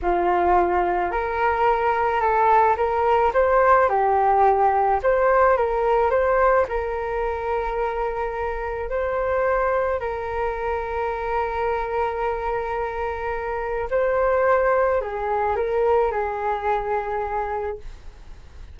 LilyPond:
\new Staff \with { instrumentName = "flute" } { \time 4/4 \tempo 4 = 108 f'2 ais'2 | a'4 ais'4 c''4 g'4~ | g'4 c''4 ais'4 c''4 | ais'1 |
c''2 ais'2~ | ais'1~ | ais'4 c''2 gis'4 | ais'4 gis'2. | }